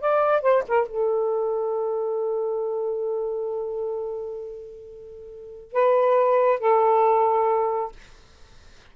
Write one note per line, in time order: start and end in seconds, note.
0.00 0.42 D5
0.42 0.64 C5
0.68 0.87 A#4
0.87 5.72 A4
5.72 6.59 B4
6.59 7.92 A4